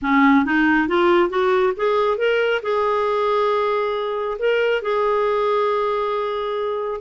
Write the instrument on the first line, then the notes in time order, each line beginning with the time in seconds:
clarinet
0.02 C#4
0.45 D#4
0.88 F4
1.29 F#4
1.76 G#4
2.17 A#4
2.62 G#4
4.38 A#4
4.82 G#4